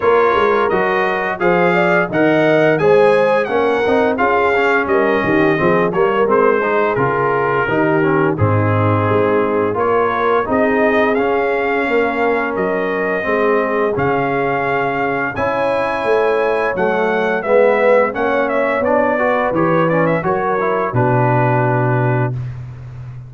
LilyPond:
<<
  \new Staff \with { instrumentName = "trumpet" } { \time 4/4 \tempo 4 = 86 cis''4 dis''4 f''4 fis''4 | gis''4 fis''4 f''4 dis''4~ | dis''8 cis''8 c''4 ais'2 | gis'2 cis''4 dis''4 |
f''2 dis''2 | f''2 gis''2 | fis''4 e''4 fis''8 e''8 d''4 | cis''8 d''16 e''16 cis''4 b'2 | }
  \new Staff \with { instrumentName = "horn" } { \time 4/4 ais'2 c''8 d''8 dis''4 | c''4 ais'4 gis'4 ais'8 g'8 | gis'8 ais'4 gis'4. g'4 | dis'2 ais'4 gis'4~ |
gis'4 ais'2 gis'4~ | gis'2 cis''2~ | cis''4 b'4 cis''4. b'8~ | b'4 ais'4 fis'2 | }
  \new Staff \with { instrumentName = "trombone" } { \time 4/4 f'4 fis'4 gis'4 ais'4 | gis'4 cis'8 dis'8 f'8 cis'4. | c'8 ais8 c'8 dis'8 f'4 dis'8 cis'8 | c'2 f'4 dis'4 |
cis'2. c'4 | cis'2 e'2 | a4 b4 cis'4 d'8 fis'8 | g'8 cis'8 fis'8 e'8 d'2 | }
  \new Staff \with { instrumentName = "tuba" } { \time 4/4 ais8 gis8 fis4 f4 dis4 | gis4 ais8 c'8 cis'4 g8 dis8 | f8 g8 gis4 cis4 dis4 | gis,4 gis4 ais4 c'4 |
cis'4 ais4 fis4 gis4 | cis2 cis'4 a4 | fis4 gis4 ais4 b4 | e4 fis4 b,2 | }
>>